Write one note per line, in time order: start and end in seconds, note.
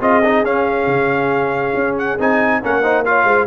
0.00 0.43 C4
0.00 0.22 F4
0.00 2.61 G#4
0.00 0.44 D#5
0.24 0.44 D#4
0.43 0.86 C#4
0.43 2.18 C#4
0.43 1.97 F5
0.86 1.73 C#3
1.75 2.18 C#4
1.98 2.19 F#5
2.19 2.62 C4
2.19 2.62 D#4
2.19 2.64 G#5
2.61 3.24 A#3
2.61 2.83 C#4
2.61 2.82 A#4
2.61 3.05 F#5
2.82 3.04 D#4
2.82 3.04 C5
3.05 3.47 F4
3.05 3.25 C#5
3.05 3.47 F5
3.24 3.46 G#3
3.24 3.46 C5